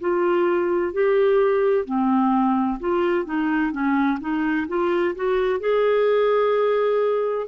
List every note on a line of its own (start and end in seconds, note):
0.00 0.93 F4
0.93 1.85 G4
1.85 2.79 C4
2.80 3.25 F4
3.25 3.72 D#4
3.72 4.19 C#4
4.20 4.67 D#4
4.68 5.15 F4
5.15 5.60 F#4
5.60 7.47 G#4